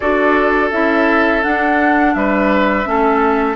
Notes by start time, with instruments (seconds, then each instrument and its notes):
0.00 bassoon D4, clarinet F#4, oboe A4, flute D5
0.71 bassoon C#4, clarinet E4, flute E5
1.42 clarinet D4, bassoon D4, flute F#5
2.14 bassoon G3, oboe B4, flute E5
2.84 bassoon A3, clarinet C#4, oboe A4